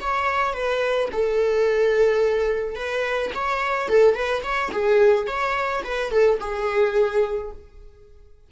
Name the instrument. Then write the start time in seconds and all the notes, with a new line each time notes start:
viola
0.00 C#5
0.53 B4
1.12 A4
2.75 B4
3.35 C#5
3.88 A4
4.15 B4
4.43 C#5
4.72 G#4
5.27 C#5
5.84 B4
6.11 A4
6.40 G#4